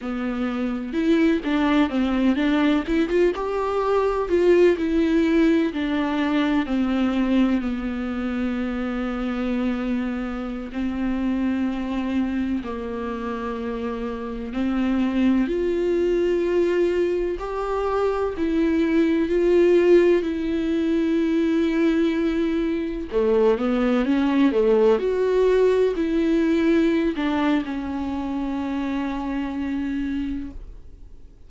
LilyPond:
\new Staff \with { instrumentName = "viola" } { \time 4/4 \tempo 4 = 63 b4 e'8 d'8 c'8 d'8 e'16 f'16 g'8~ | g'8 f'8 e'4 d'4 c'4 | b2.~ b16 c'8.~ | c'4~ c'16 ais2 c'8.~ |
c'16 f'2 g'4 e'8.~ | e'16 f'4 e'2~ e'8.~ | e'16 a8 b8 cis'8 a8 fis'4 e'8.~ | e'8 d'8 cis'2. | }